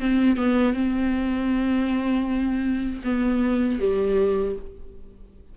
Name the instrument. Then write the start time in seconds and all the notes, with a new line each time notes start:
viola
0.00 C4
0.37 B3
0.74 C4
3.04 B3
3.80 G3